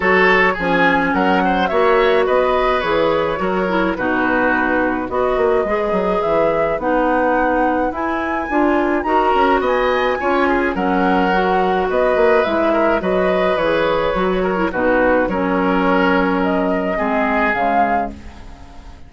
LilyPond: <<
  \new Staff \with { instrumentName = "flute" } { \time 4/4 \tempo 4 = 106 cis''4 gis''4 fis''4 e''4 | dis''4 cis''2 b'4~ | b'4 dis''2 e''4 | fis''2 gis''2 |
ais''4 gis''2 fis''4~ | fis''4 dis''4 e''4 dis''4 | cis''2 b'4 cis''4~ | cis''4 dis''2 f''4 | }
  \new Staff \with { instrumentName = "oboe" } { \time 4/4 a'4 gis'4 ais'8 c''8 cis''4 | b'2 ais'4 fis'4~ | fis'4 b'2.~ | b'1 |
ais'4 dis''4 cis''8 gis'8 ais'4~ | ais'4 b'4. ais'8 b'4~ | b'4. ais'8 fis'4 ais'4~ | ais'2 gis'2 | }
  \new Staff \with { instrumentName = "clarinet" } { \time 4/4 fis'4 cis'2 fis'4~ | fis'4 gis'4 fis'8 e'8 dis'4~ | dis'4 fis'4 gis'2 | dis'2 e'4 f'4 |
fis'2 f'4 cis'4 | fis'2 e'4 fis'4 | gis'4 fis'8. e'16 dis'4 cis'4~ | cis'2 c'4 gis4 | }
  \new Staff \with { instrumentName = "bassoon" } { \time 4/4 fis4 f4 fis4 ais4 | b4 e4 fis4 b,4~ | b,4 b8 ais8 gis8 fis8 e4 | b2 e'4 d'4 |
dis'8 cis'8 b4 cis'4 fis4~ | fis4 b8 ais8 gis4 fis4 | e4 fis4 b,4 fis4~ | fis2 gis4 cis4 | }
>>